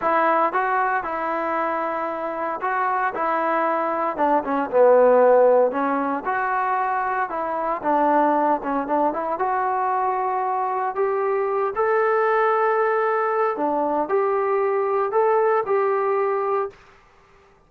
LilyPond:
\new Staff \with { instrumentName = "trombone" } { \time 4/4 \tempo 4 = 115 e'4 fis'4 e'2~ | e'4 fis'4 e'2 | d'8 cis'8 b2 cis'4 | fis'2 e'4 d'4~ |
d'8 cis'8 d'8 e'8 fis'2~ | fis'4 g'4. a'4.~ | a'2 d'4 g'4~ | g'4 a'4 g'2 | }